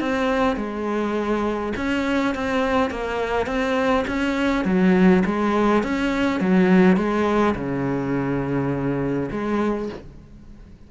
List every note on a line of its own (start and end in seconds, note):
0.00 0.56 C4
0.56 1.73 G#3
1.77 2.35 C#4
2.35 2.90 C4
2.90 3.47 A#3
3.47 4.05 C4
4.08 4.65 C#4
4.65 5.23 F#3
5.26 5.83 G#3
5.83 6.41 C#4
6.41 6.97 F#3
6.97 7.55 G#3
7.55 9.30 C#3
9.31 9.89 G#3